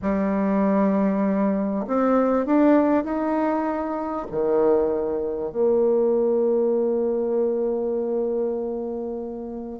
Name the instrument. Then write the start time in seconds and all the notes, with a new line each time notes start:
bassoon
0.01 G3
1.87 C4
2.46 D4
3.04 D#4
4.31 D#3
5.51 A#3